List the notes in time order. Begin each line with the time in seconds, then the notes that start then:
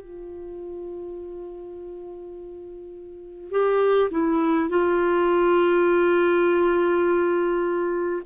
0.00 F4
3.50 G4
4.10 E4
4.69 F4